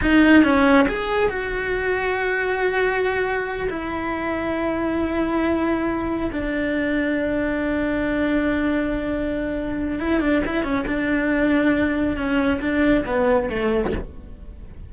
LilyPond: \new Staff \with { instrumentName = "cello" } { \time 4/4 \tempo 4 = 138 dis'4 cis'4 gis'4 fis'4~ | fis'1~ | fis'8 e'2.~ e'8~ | e'2~ e'8 d'4.~ |
d'1~ | d'2. e'8 d'8 | e'8 cis'8 d'2. | cis'4 d'4 b4 a4 | }